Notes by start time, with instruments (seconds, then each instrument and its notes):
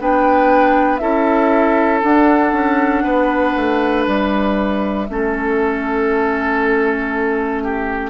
0.00 bassoon B3, clarinet D4, oboe B4, flute G5
0.97 bassoon C#4, clarinet E4, oboe A4, flute E5
2.01 clarinet D4, bassoon D4, flute F#5
2.53 bassoon C#4
3.04 bassoon B3, oboe B4
3.57 bassoon A3
4.04 bassoon G3, flute E5
5.09 bassoon A3, clarinet C#4, oboe A4
7.64 oboe G4